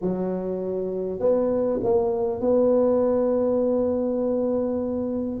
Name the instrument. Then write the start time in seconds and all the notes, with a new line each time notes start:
tuba
0.01 F#3
1.19 B3
1.83 A#3
2.40 B3